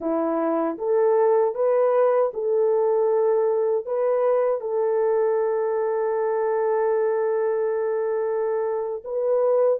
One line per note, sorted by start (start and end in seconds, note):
0.00 0.77 E4
0.77 1.54 A4
1.54 2.31 B4
2.33 3.85 A4
3.85 4.60 B4
4.60 9.02 A4
9.04 9.79 B4